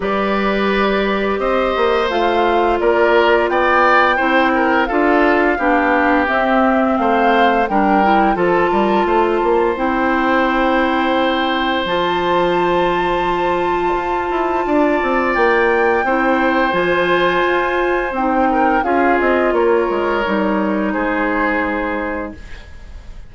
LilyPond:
<<
  \new Staff \with { instrumentName = "flute" } { \time 4/4 \tempo 4 = 86 d''2 dis''4 f''4 | d''4 g''2 f''4~ | f''4 e''4 f''4 g''4 | a''2 g''2~ |
g''4 a''2.~ | a''2 g''2 | gis''2 g''4 f''8 dis''8 | cis''2 c''2 | }
  \new Staff \with { instrumentName = "oboe" } { \time 4/4 b'2 c''2 | ais'4 d''4 c''8 ais'8 a'4 | g'2 c''4 ais'4 | a'8 ais'8 c''2.~ |
c''1~ | c''4 d''2 c''4~ | c''2~ c''8 ais'8 gis'4 | ais'2 gis'2 | }
  \new Staff \with { instrumentName = "clarinet" } { \time 4/4 g'2. f'4~ | f'2 e'4 f'4 | d'4 c'2 d'8 e'8 | f'2 e'2~ |
e'4 f'2.~ | f'2. e'4 | f'2 dis'4 f'4~ | f'4 dis'2. | }
  \new Staff \with { instrumentName = "bassoon" } { \time 4/4 g2 c'8 ais8 a4 | ais4 b4 c'4 d'4 | b4 c'4 a4 g4 | f8 g8 a8 ais8 c'2~ |
c'4 f2. | f'8 e'8 d'8 c'8 ais4 c'4 | f4 f'4 c'4 cis'8 c'8 | ais8 gis8 g4 gis2 | }
>>